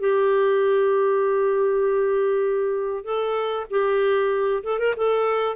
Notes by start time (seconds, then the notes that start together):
0.00 G4
3.05 A4
3.71 G4
4.64 A4
4.80 A#4
4.97 A4